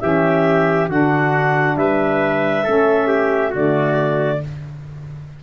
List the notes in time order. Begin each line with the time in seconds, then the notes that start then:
0.00 E3 C#4 G4 E5
0.89 D3 D4 F#4 F#5
1.76 G3 B4 E5
2.64 A3 C#4 A4
3.08 G4
3.50 D3 A3 F#4 D5